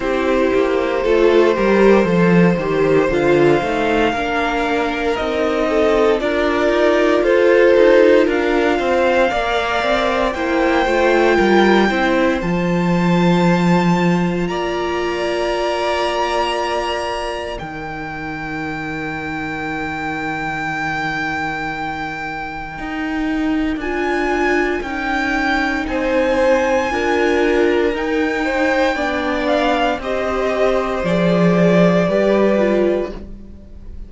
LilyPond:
<<
  \new Staff \with { instrumentName = "violin" } { \time 4/4 \tempo 4 = 58 c''2. f''4~ | f''4 dis''4 d''4 c''4 | f''2 g''2 | a''2 ais''2~ |
ais''4 g''2.~ | g''2. gis''4 | g''4 gis''2 g''4~ | g''8 f''8 dis''4 d''2 | }
  \new Staff \with { instrumentName = "violin" } { \time 4/4 g'4 a'8 ais'8 c''2 | ais'4. a'8 ais'4 a'4 | ais'8 c''8 d''4 c''4 ais'8 c''8~ | c''2 d''2~ |
d''4 ais'2.~ | ais'1~ | ais'4 c''4 ais'4. c''8 | d''4 c''2 b'4 | }
  \new Staff \with { instrumentName = "viola" } { \time 4/4 e'4 f'8 g'8 a'8 g'8 f'8 dis'8 | d'4 dis'4 f'2~ | f'4 ais'4 e'8 f'4 e'8 | f'1~ |
f'4 dis'2.~ | dis'2. f'4 | dis'2 f'4 dis'4 | d'4 g'4 gis'4 g'8 f'8 | }
  \new Staff \with { instrumentName = "cello" } { \time 4/4 c'8 ais8 a8 g8 f8 dis8 d8 a8 | ais4 c'4 d'8 dis'8 f'8 dis'8 | d'8 c'8 ais8 c'8 ais8 a8 g8 c'8 | f2 ais2~ |
ais4 dis2.~ | dis2 dis'4 d'4 | cis'4 c'4 d'4 dis'4 | b4 c'4 f4 g4 | }
>>